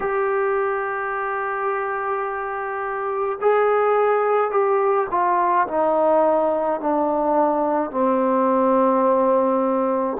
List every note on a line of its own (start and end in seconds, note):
0.00 3.39 G4
3.41 4.50 G#4
4.50 5.07 G4
5.10 5.67 F4
5.67 6.80 D#4
6.80 7.90 D4
7.90 10.17 C4